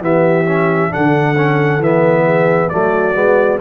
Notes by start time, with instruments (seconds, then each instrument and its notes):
0.00 tuba E3, trombone B3, horn G4, trumpet E5
0.45 trombone C#4
0.90 trombone D4, horn A4, trumpet F#5
0.96 tuba D3
1.36 trombone C#4
1.78 tuba E3, trombone B3, trumpet E5
2.24 horn G#4
2.69 tuba F#3, trombone A3, horn F#4, trumpet D5
3.14 tuba G#3, trombone B3